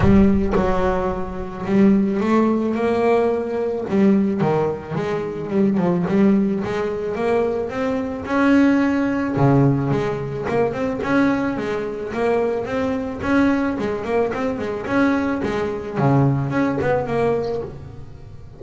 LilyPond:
\new Staff \with { instrumentName = "double bass" } { \time 4/4 \tempo 4 = 109 g4 fis2 g4 | a4 ais2 g4 | dis4 gis4 g8 f8 g4 | gis4 ais4 c'4 cis'4~ |
cis'4 cis4 gis4 ais8 c'8 | cis'4 gis4 ais4 c'4 | cis'4 gis8 ais8 c'8 gis8 cis'4 | gis4 cis4 cis'8 b8 ais4 | }